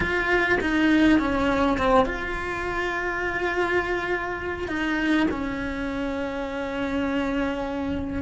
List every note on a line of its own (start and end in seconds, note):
0.00 0.59 F4
0.60 1.19 D#4
1.19 1.77 C#4
1.77 2.05 C4
2.05 4.67 F4
4.67 5.26 D#4
5.30 8.22 C#4